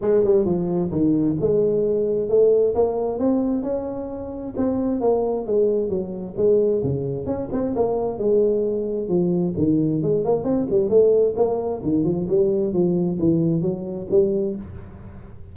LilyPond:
\new Staff \with { instrumentName = "tuba" } { \time 4/4 \tempo 4 = 132 gis8 g8 f4 dis4 gis4~ | gis4 a4 ais4 c'4 | cis'2 c'4 ais4 | gis4 fis4 gis4 cis4 |
cis'8 c'8 ais4 gis2 | f4 dis4 gis8 ais8 c'8 g8 | a4 ais4 dis8 f8 g4 | f4 e4 fis4 g4 | }